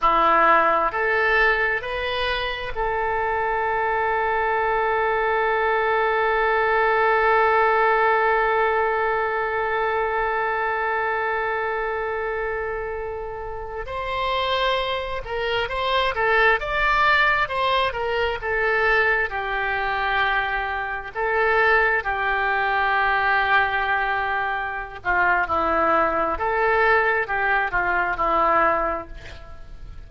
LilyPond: \new Staff \with { instrumentName = "oboe" } { \time 4/4 \tempo 4 = 66 e'4 a'4 b'4 a'4~ | a'1~ | a'1~ | a'2.~ a'16 c''8.~ |
c''8. ais'8 c''8 a'8 d''4 c''8 ais'16~ | ais'16 a'4 g'2 a'8.~ | a'16 g'2.~ g'16 f'8 | e'4 a'4 g'8 f'8 e'4 | }